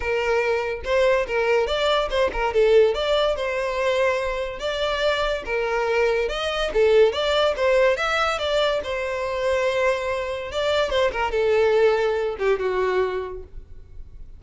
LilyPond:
\new Staff \with { instrumentName = "violin" } { \time 4/4 \tempo 4 = 143 ais'2 c''4 ais'4 | d''4 c''8 ais'8 a'4 d''4 | c''2. d''4~ | d''4 ais'2 dis''4 |
a'4 d''4 c''4 e''4 | d''4 c''2.~ | c''4 d''4 c''8 ais'8 a'4~ | a'4. g'8 fis'2 | }